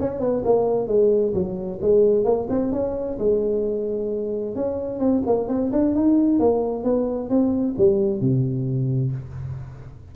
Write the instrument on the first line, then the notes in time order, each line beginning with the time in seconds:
tuba
0.00 C#4
0.20 B3
0.45 A#3
0.88 G#3
1.34 F#3
1.82 G#3
2.25 A#3
2.49 C4
2.73 C#4
3.19 G#3
4.56 C#4
5.00 C4
5.26 A#3
5.49 C4
5.72 D4
5.95 D#4
6.40 A#3
6.84 B3
7.30 C4
7.78 G3
8.21 C3